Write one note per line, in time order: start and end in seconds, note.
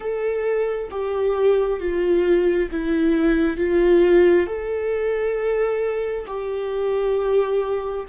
0.00 0.89 A4
0.90 1.79 G4
1.79 2.69 F4
2.71 3.57 E4
3.57 4.46 F4
4.46 6.25 A4
6.26 8.06 G4